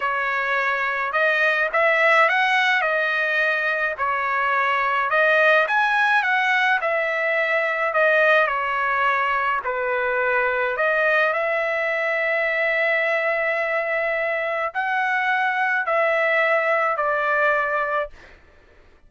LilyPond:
\new Staff \with { instrumentName = "trumpet" } { \time 4/4 \tempo 4 = 106 cis''2 dis''4 e''4 | fis''4 dis''2 cis''4~ | cis''4 dis''4 gis''4 fis''4 | e''2 dis''4 cis''4~ |
cis''4 b'2 dis''4 | e''1~ | e''2 fis''2 | e''2 d''2 | }